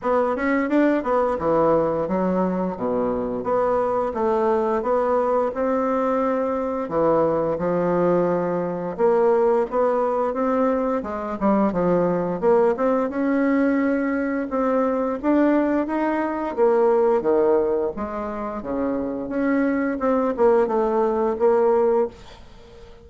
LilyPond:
\new Staff \with { instrumentName = "bassoon" } { \time 4/4 \tempo 4 = 87 b8 cis'8 d'8 b8 e4 fis4 | b,4 b4 a4 b4 | c'2 e4 f4~ | f4 ais4 b4 c'4 |
gis8 g8 f4 ais8 c'8 cis'4~ | cis'4 c'4 d'4 dis'4 | ais4 dis4 gis4 cis4 | cis'4 c'8 ais8 a4 ais4 | }